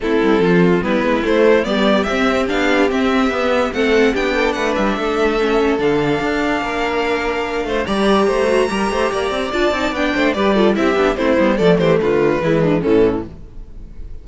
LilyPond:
<<
  \new Staff \with { instrumentName = "violin" } { \time 4/4 \tempo 4 = 145 a'2 b'4 c''4 | d''4 e''4 f''4 e''4~ | e''4 fis''4 g''4 fis''8 e''8~ | e''2 f''2~ |
f''2. ais''4~ | ais''2. a''4 | g''4 d''4 e''4 c''4 | d''8 c''8 b'2 a'4 | }
  \new Staff \with { instrumentName = "violin" } { \time 4/4 e'4 f'4 e'2 | g'1~ | g'4 a'4 g'8 a'8 b'4 | a'1 |
ais'2~ ais'8 c''8 d''4 | c''4 ais'8 c''8 d''2~ | d''8 c''8 b'8 a'8 g'4 e'4 | a'8 g'8 f'4 e'8 d'8 cis'4 | }
  \new Staff \with { instrumentName = "viola" } { \time 4/4 c'2 b4 a4 | b4 c'4 d'4 c'4 | b4 c'4 d'2~ | d'4 cis'4 d'2~ |
d'2. g'4~ | g'8 fis'8 g'2 f'8 dis'8 | d'4 g'8 f'8 e'8 d'8 c'8 b8 | a2 gis4 e4 | }
  \new Staff \with { instrumentName = "cello" } { \time 4/4 a8 g8 f4 g8 gis8 a4 | g4 c'4 b4 c'4 | b4 a4 b4 a8 g8 | a2 d4 d'4 |
ais2~ ais8 a8 g4 | a4 g8 a8 ais8 c'8 d'8 c'8 | b8 a8 g4 c'8 b8 a8 g8 | f8 e8 d4 e4 a,4 | }
>>